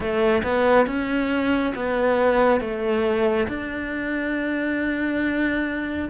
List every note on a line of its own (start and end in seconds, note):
0.00 0.42 A3
0.43 0.86 B3
0.86 1.73 C#4
1.75 2.60 B3
2.60 3.47 A3
3.47 6.08 D4